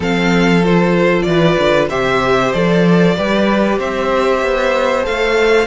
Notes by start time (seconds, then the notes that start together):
0.00 F3 C4 A4 F5
0.64 F4 C5
1.22 E3 D5
1.30 B4
1.58 D3
1.89 C3 G4 C5 E5
2.52 F3 A4 D5
3.16 G3 G4 B4
3.78 C4 C5 E5
4.41 B3
5.02 A3 A4 F5